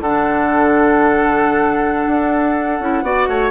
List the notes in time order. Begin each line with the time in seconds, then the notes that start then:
0.00 D3 D4 A4 F#5
2.07 D4
2.79 C#4 E4
3.02 B3 F#4 D5
3.28 A3 C#5